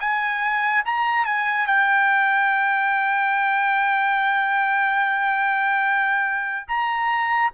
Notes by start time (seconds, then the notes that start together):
0.00 G#5
0.85 A#5
1.25 G#5
1.67 G5
6.68 A#5